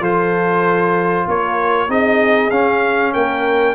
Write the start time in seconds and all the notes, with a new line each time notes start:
0.00 F3 F4 A4 C5
1.28 A#3 A#4 C#5
1.88 C4 D#4 G#4 D#5
2.50 C#4 F5
3.13 A#3 A#4 G5